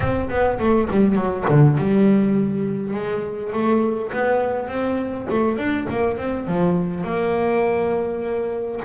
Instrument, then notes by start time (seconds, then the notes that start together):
double bass
0.00 C4
0.29 B3
0.59 A3
0.90 G3
1.15 F#3
1.49 D3
1.77 G3
2.93 G#3
3.53 A3
4.12 B3
4.67 C4
5.29 A3
5.57 D4
5.90 A#3
6.17 C4
6.47 F3
7.04 A#3